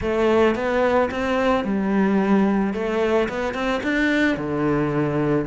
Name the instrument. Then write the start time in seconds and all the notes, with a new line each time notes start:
cello
0.01 A3
0.55 B3
1.10 C4
1.64 G3
2.73 A3
3.29 B3
3.54 C4
3.83 D4
4.36 D3